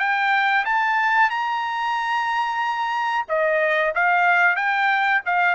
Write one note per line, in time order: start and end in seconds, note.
0.00 0.65 G5
0.66 1.30 A5
1.30 3.26 A#5
3.29 3.94 D#5
3.95 4.56 F5
4.56 5.21 G5
5.26 5.56 F5